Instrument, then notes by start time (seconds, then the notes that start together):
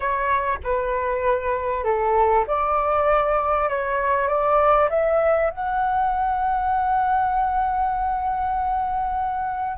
flute
0.00 C#5
0.63 B4
1.84 A4
2.47 D5
3.69 C#5
4.28 D5
4.89 E5
5.50 F#5